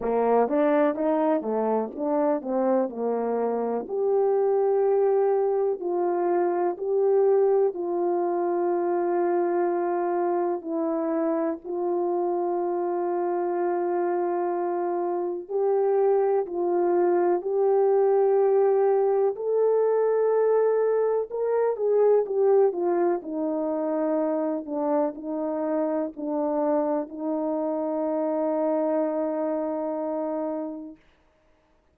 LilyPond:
\new Staff \with { instrumentName = "horn" } { \time 4/4 \tempo 4 = 62 ais8 d'8 dis'8 a8 d'8 c'8 ais4 | g'2 f'4 g'4 | f'2. e'4 | f'1 |
g'4 f'4 g'2 | a'2 ais'8 gis'8 g'8 f'8 | dis'4. d'8 dis'4 d'4 | dis'1 | }